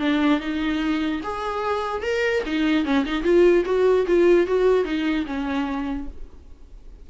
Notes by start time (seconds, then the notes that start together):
0.00 D4
0.40 D#4
1.23 G#4
2.03 A#4
2.46 D#4
2.85 C#4
3.06 D#4
3.24 F4
3.66 F#4
4.07 F4
4.47 F#4
4.85 D#4
5.26 C#4